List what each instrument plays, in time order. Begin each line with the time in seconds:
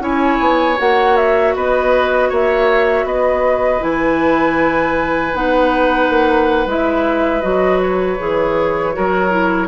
0.00 bassoon C#4, clarinet E4, oboe C#5, flute G#5
0.40 bassoon B3
0.77 bassoon A#3, clarinet F#4, flute F#5
1.16 flute E5
1.56 bassoon B3, oboe B4, flute D#5
2.29 bassoon A#3, oboe C#5, flute E5
3.05 bassoon B3, oboe B4, flute D#5
3.80 bassoon E3, clarinet E4, flute G#5
5.34 bassoon B3, clarinet D#4, flute F#5
6.09 bassoon A#3
6.66 bassoon G#3, clarinet E4, flute E5
7.42 bassoon F#3, clarinet F#4, flute D#5
7.82 flute C#5
8.19 bassoon E3, clarinet G#4
8.93 bassoon F#3, clarinet F#4, oboe A#4
9.31 clarinet E4